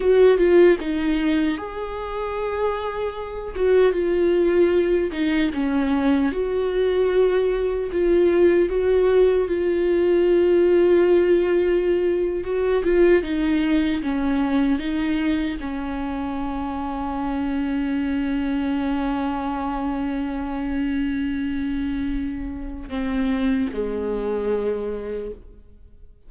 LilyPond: \new Staff \with { instrumentName = "viola" } { \time 4/4 \tempo 4 = 76 fis'8 f'8 dis'4 gis'2~ | gis'8 fis'8 f'4. dis'8 cis'4 | fis'2 f'4 fis'4 | f'2.~ f'8. fis'16~ |
fis'16 f'8 dis'4 cis'4 dis'4 cis'16~ | cis'1~ | cis'1~ | cis'4 c'4 gis2 | }